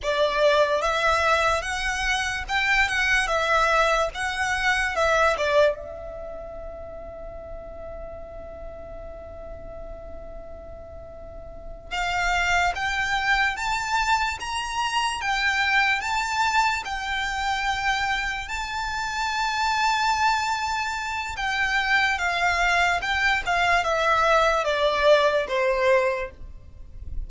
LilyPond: \new Staff \with { instrumentName = "violin" } { \time 4/4 \tempo 4 = 73 d''4 e''4 fis''4 g''8 fis''8 | e''4 fis''4 e''8 d''8 e''4~ | e''1~ | e''2~ e''8 f''4 g''8~ |
g''8 a''4 ais''4 g''4 a''8~ | a''8 g''2 a''4.~ | a''2 g''4 f''4 | g''8 f''8 e''4 d''4 c''4 | }